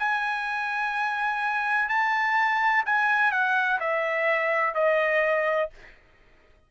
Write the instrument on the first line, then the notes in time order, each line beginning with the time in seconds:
trumpet
0.00 G#5
1.89 A5
2.86 G#5
3.32 F#5
3.81 E5
4.75 D#5